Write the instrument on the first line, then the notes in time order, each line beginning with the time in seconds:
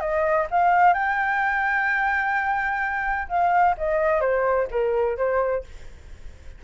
flute
0.00 D#5
0.51 F5
0.94 G5
3.28 F5
3.77 D#5
4.21 C5
4.71 A#4
5.17 C5